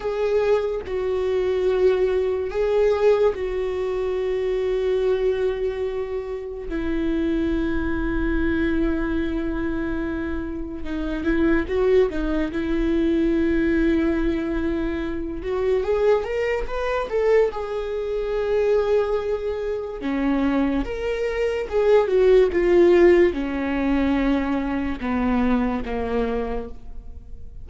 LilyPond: \new Staff \with { instrumentName = "viola" } { \time 4/4 \tempo 4 = 72 gis'4 fis'2 gis'4 | fis'1 | e'1~ | e'4 dis'8 e'8 fis'8 dis'8 e'4~ |
e'2~ e'8 fis'8 gis'8 ais'8 | b'8 a'8 gis'2. | cis'4 ais'4 gis'8 fis'8 f'4 | cis'2 b4 ais4 | }